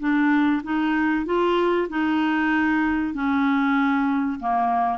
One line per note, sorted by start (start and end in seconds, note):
0.00 0.62 D4
0.64 1.26 D#4
1.26 1.88 F4
1.90 3.14 D#4
3.14 4.39 C#4
4.40 4.99 A#3